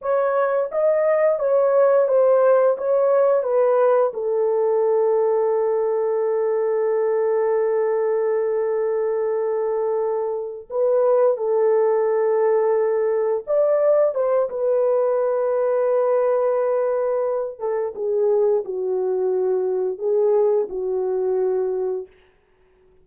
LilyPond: \new Staff \with { instrumentName = "horn" } { \time 4/4 \tempo 4 = 87 cis''4 dis''4 cis''4 c''4 | cis''4 b'4 a'2~ | a'1~ | a'2.~ a'8 b'8~ |
b'8 a'2. d''8~ | d''8 c''8 b'2.~ | b'4. a'8 gis'4 fis'4~ | fis'4 gis'4 fis'2 | }